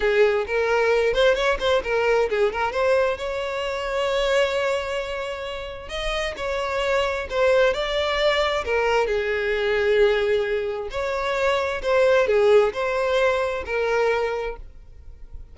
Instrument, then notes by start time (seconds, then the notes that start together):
violin
0.00 G#4
0.46 A#4
1.13 C5
1.35 C#5
1.59 C5
1.83 A#4
2.29 G#4
2.52 A#4
2.72 C5
3.17 C#5
5.88 D#5
6.36 C#5
7.30 C5
7.73 D5
8.64 A#4
9.07 G#4
10.90 C#5
11.82 C5
12.27 G#4
12.73 C5
13.65 A#4